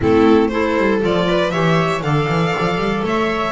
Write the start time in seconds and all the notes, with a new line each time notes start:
0.01 A3 C4 E4 A4
0.48 E4 A4 C5
0.77 G3
1.01 F3 F4 D5
1.27 B4
1.50 E3 G4 C#5 E5
2.01 D3 A4 D5 F5
2.29 E3
2.59 F3
2.76 G3
3.03 A3 C#5 E5